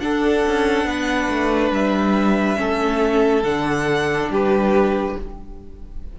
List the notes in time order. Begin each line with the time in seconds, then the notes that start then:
0.00 D4 A4 F#5
0.48 C#4
0.85 B3 B4
1.30 A3
1.71 G3 E5
2.56 A3 C#4 A4
3.44 D3 D4 F#5
4.30 G3 G4 B4